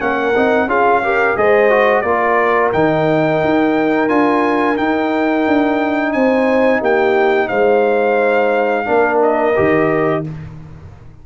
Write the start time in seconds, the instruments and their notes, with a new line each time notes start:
0.00 tuba A#3, trombone C#4, horn A#4, trumpet F#5
0.36 tuba C4, trombone D#4
0.67 tuba C#4, trombone F4, horn G#4, trumpet F5
1.04 trombone G4, horn A#4
1.37 tuba G#3, trombone G#4, horn C5, trumpet D#5
1.70 trombone F#4
2.02 tuba A#3, trombone F4, horn A#4, trumpet D5
2.73 tuba D#3, trombone D#4, trumpet G5
3.45 tuba D#4
4.09 tuba D4, trombone F4, trumpet G#5
4.77 trombone D#4, tuba D#4, trumpet G5
5.48 tuba D4
6.13 tuba C4, horn C5, trumpet G#5
6.81 tuba A#3, horn G4, trumpet G5
7.49 tuba G#3, horn C5, trumpet F5
8.86 tuba A#3, trombone D4, horn A#4
9.23 trumpet D#5
9.56 tuba D#3, trombone G4